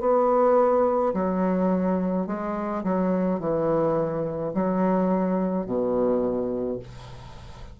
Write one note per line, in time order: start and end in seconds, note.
0.00 1.13 B3
1.14 2.27 F#3
2.27 2.84 G#3
2.84 3.40 F#3
3.40 4.53 E3
4.54 5.66 F#3
5.66 6.79 B2